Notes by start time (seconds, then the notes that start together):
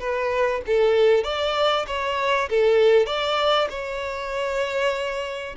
0.00 B4
0.67 A4
1.24 D5
1.88 C#5
2.50 A4
3.06 D5
3.70 C#5